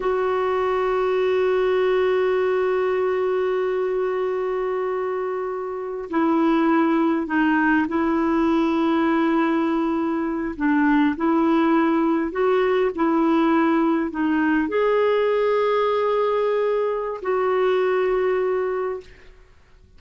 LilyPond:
\new Staff \with { instrumentName = "clarinet" } { \time 4/4 \tempo 4 = 101 fis'1~ | fis'1~ | fis'2~ fis'16 e'4.~ e'16~ | e'16 dis'4 e'2~ e'8.~ |
e'4.~ e'16 d'4 e'4~ e'16~ | e'8. fis'4 e'2 dis'16~ | dis'8. gis'2.~ gis'16~ | gis'4 fis'2. | }